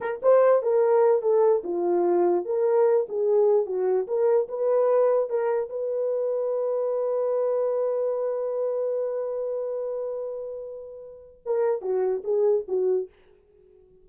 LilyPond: \new Staff \with { instrumentName = "horn" } { \time 4/4 \tempo 4 = 147 ais'8 c''4 ais'4. a'4 | f'2 ais'4. gis'8~ | gis'4 fis'4 ais'4 b'4~ | b'4 ais'4 b'2~ |
b'1~ | b'1~ | b'1 | ais'4 fis'4 gis'4 fis'4 | }